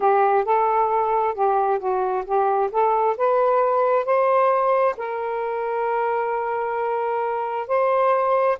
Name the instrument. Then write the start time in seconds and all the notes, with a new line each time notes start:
saxophone
0.00 G4
0.44 A4
1.34 G4
1.79 F#4
2.25 G4
2.71 A4
3.17 B4
4.05 C5
4.97 A#4
7.67 C5